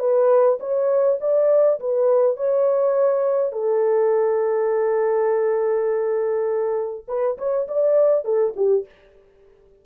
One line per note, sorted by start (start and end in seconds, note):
0.00 0.59 B4
0.60 1.19 C#5
1.21 1.80 D5
1.80 2.37 B4
2.37 3.53 C#5
3.53 7.06 A4
7.08 7.38 B4
7.38 7.68 C#5
7.68 8.25 D5
8.25 8.54 A4
8.56 8.86 G4